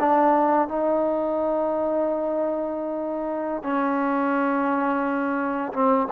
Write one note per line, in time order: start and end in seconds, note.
0.00 0.68 D4
0.68 3.64 D#4
3.64 5.73 C#4
5.73 6.08 C4